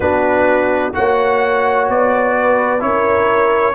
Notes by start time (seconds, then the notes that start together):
0.00 B3 D4 F#4 B4
0.93 A#3 F#4 C#5 F#5
1.88 B3 D5
2.37 B4
2.79 C#4 E4 A#4 C#5